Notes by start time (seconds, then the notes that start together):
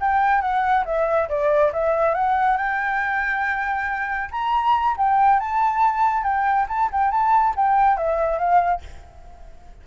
0.00 G5
0.41 F#5
0.85 E5
1.29 D5
1.72 E5
2.14 F#5
2.57 G5
4.31 A#5
4.97 G5
5.39 A5
6.23 G5
6.68 A5
6.92 G5
7.11 A5
7.56 G5
7.97 E5
8.38 F5